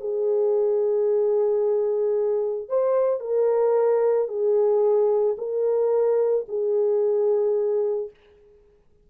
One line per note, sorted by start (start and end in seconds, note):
0.00 2.68 G#4
2.68 3.20 C5
3.20 4.28 A#4
4.28 5.36 G#4
5.37 6.45 A#4
6.48 8.10 G#4